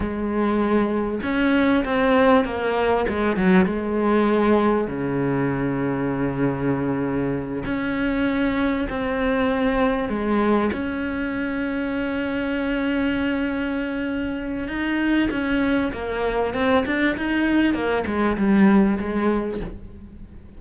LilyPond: \new Staff \with { instrumentName = "cello" } { \time 4/4 \tempo 4 = 98 gis2 cis'4 c'4 | ais4 gis8 fis8 gis2 | cis1~ | cis8 cis'2 c'4.~ |
c'8 gis4 cis'2~ cis'8~ | cis'1 | dis'4 cis'4 ais4 c'8 d'8 | dis'4 ais8 gis8 g4 gis4 | }